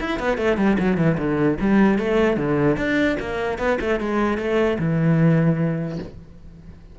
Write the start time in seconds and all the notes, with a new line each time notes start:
0.00 E4
0.19 B3
0.37 A3
0.57 G3
0.79 F#3
0.97 E3
1.18 D3
1.60 G3
1.98 A3
2.36 D3
2.77 D4
3.19 A#3
3.58 B3
3.80 A3
4.00 G#3
4.37 A3
4.79 E3